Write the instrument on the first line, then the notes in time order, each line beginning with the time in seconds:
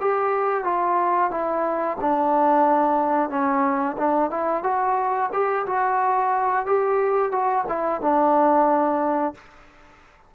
trombone
0.00 G4
0.64 F4
1.30 E4
2.01 D4
3.30 C#4
3.97 D4
4.30 E4
4.63 F#4
5.32 G4
5.66 F#4
6.66 G4
7.32 F#4
7.68 E4
8.01 D4